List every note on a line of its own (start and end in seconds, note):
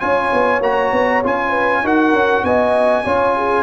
0.00 0.32 C#4
0.00 0.61 F4
0.00 1.50 C#5
0.00 0.61 G#5
0.33 0.61 B3
0.61 0.91 A#3
0.61 1.24 F#4
0.61 1.23 A#5
0.93 1.23 B3
1.24 1.83 C#4
1.24 1.84 F4
1.24 1.87 G#5
1.50 1.80 B4
1.83 2.13 D#4
1.83 3.05 F#4
1.83 2.45 A#4
1.83 2.45 F#5
2.13 2.43 C#4
2.44 3.04 B3
2.44 3.05 D#5
2.44 3.63 G#5
3.05 3.63 C#4
3.05 3.63 F4
3.05 3.35 C#5
3.37 3.63 G#4